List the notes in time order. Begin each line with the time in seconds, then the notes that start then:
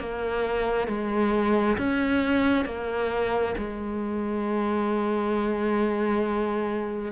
0.00 A#3
0.88 G#3
1.78 C#4
2.65 A#3
3.58 G#3